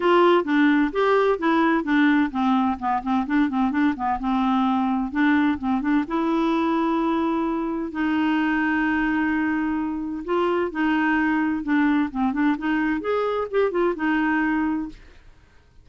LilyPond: \new Staff \with { instrumentName = "clarinet" } { \time 4/4 \tempo 4 = 129 f'4 d'4 g'4 e'4 | d'4 c'4 b8 c'8 d'8 c'8 | d'8 b8 c'2 d'4 | c'8 d'8 e'2.~ |
e'4 dis'2.~ | dis'2 f'4 dis'4~ | dis'4 d'4 c'8 d'8 dis'4 | gis'4 g'8 f'8 dis'2 | }